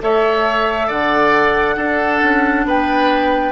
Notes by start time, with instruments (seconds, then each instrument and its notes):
0.00 bassoon A3, clarinet A4, oboe C#5, flute E5
0.87 bassoon D3, oboe D5, flute F#5
1.76 clarinet D4, bassoon D4, oboe A4
2.22 bassoon C#4
2.65 bassoon B3, oboe B4, flute G5